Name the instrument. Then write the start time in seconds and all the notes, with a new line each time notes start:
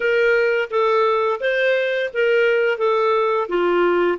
clarinet
0.00 A#4
0.70 A4
1.40 C5
2.13 A#4
2.77 A4
3.48 F4